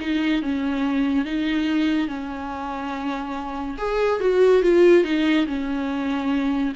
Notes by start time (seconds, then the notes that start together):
0.00 D#4
0.42 C#4
1.25 D#4
2.08 C#4
3.78 G#4
4.20 F#4
4.62 F4
5.04 D#4
5.46 C#4